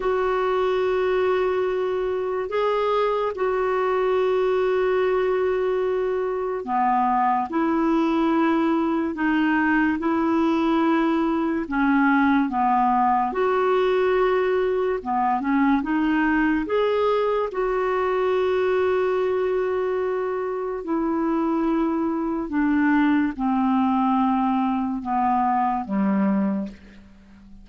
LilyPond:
\new Staff \with { instrumentName = "clarinet" } { \time 4/4 \tempo 4 = 72 fis'2. gis'4 | fis'1 | b4 e'2 dis'4 | e'2 cis'4 b4 |
fis'2 b8 cis'8 dis'4 | gis'4 fis'2.~ | fis'4 e'2 d'4 | c'2 b4 g4 | }